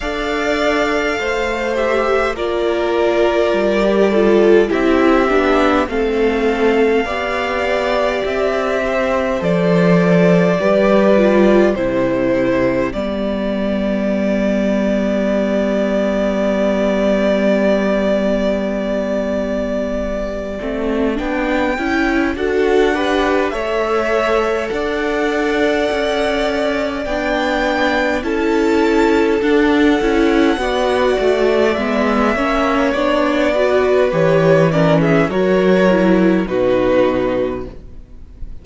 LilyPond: <<
  \new Staff \with { instrumentName = "violin" } { \time 4/4 \tempo 4 = 51 f''4. e''8 d''2 | e''4 f''2 e''4 | d''2 c''4 d''4~ | d''1~ |
d''2 g''4 fis''4 | e''4 fis''2 g''4 | a''4 fis''2 e''4 | d''4 cis''8 d''16 e''16 cis''4 b'4 | }
  \new Staff \with { instrumentName = "violin" } { \time 4/4 d''4 c''4 ais'4. a'8 | g'4 a'4 d''4. c''8~ | c''4 b'4 g'2~ | g'1~ |
g'2. a'8 b'8 | cis''4 d''2. | a'2 d''4. cis''8~ | cis''8 b'4 ais'16 gis'16 ais'4 fis'4 | }
  \new Staff \with { instrumentName = "viola" } { \time 4/4 a'4. g'8 f'4~ f'16 g'16 f'8 | e'8 d'8 c'4 g'2 | a'4 g'8 f'8 e'4 b4~ | b1~ |
b4. c'8 d'8 e'8 fis'8 g'8 | a'2. d'4 | e'4 d'8 e'8 fis'4 b8 cis'8 | d'8 fis'8 g'8 cis'8 fis'8 e'8 dis'4 | }
  \new Staff \with { instrumentName = "cello" } { \time 4/4 d'4 a4 ais4 g4 | c'8 b8 a4 b4 c'4 | f4 g4 c4 g4~ | g1~ |
g4. a8 b8 cis'8 d'4 | a4 d'4 cis'4 b4 | cis'4 d'8 cis'8 b8 a8 gis8 ais8 | b4 e4 fis4 b,4 | }
>>